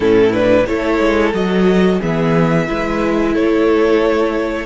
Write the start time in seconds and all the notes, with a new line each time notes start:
0.00 A2 C#4 E4 A4
0.32 D4 B4
0.66 A3 E4 A4 C#5
0.99 G#3
1.33 F#3 F#4 D#5
1.99 E3 B3 G#4 E5
2.67 G#3 E4 B4
3.32 A3 A4 C#5